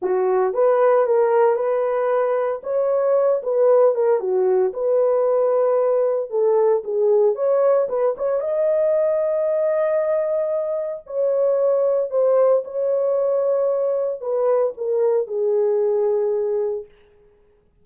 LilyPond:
\new Staff \with { instrumentName = "horn" } { \time 4/4 \tempo 4 = 114 fis'4 b'4 ais'4 b'4~ | b'4 cis''4. b'4 ais'8 | fis'4 b'2. | a'4 gis'4 cis''4 b'8 cis''8 |
dis''1~ | dis''4 cis''2 c''4 | cis''2. b'4 | ais'4 gis'2. | }